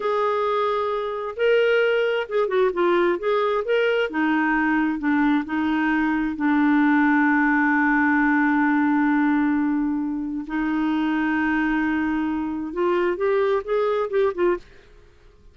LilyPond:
\new Staff \with { instrumentName = "clarinet" } { \time 4/4 \tempo 4 = 132 gis'2. ais'4~ | ais'4 gis'8 fis'8 f'4 gis'4 | ais'4 dis'2 d'4 | dis'2 d'2~ |
d'1~ | d'2. dis'4~ | dis'1 | f'4 g'4 gis'4 g'8 f'8 | }